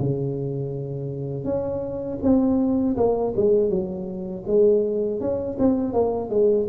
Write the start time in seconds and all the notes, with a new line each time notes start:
0.00 C#3
1.45 C#4
2.23 C4
2.97 A#3
3.37 G#3
3.70 F#3
4.47 G#3
5.21 C#4
5.59 C4
5.94 A#3
6.30 G#3